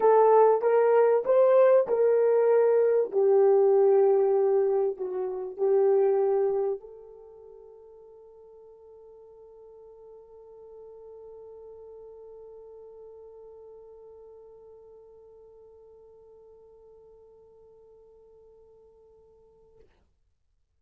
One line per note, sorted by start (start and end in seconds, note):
0.00 0.61 A4
0.61 1.23 A#4
1.25 1.87 C5
1.87 3.11 A#4
3.11 4.97 G4
4.97 5.57 F#4
5.57 6.80 G4
6.80 19.79 A4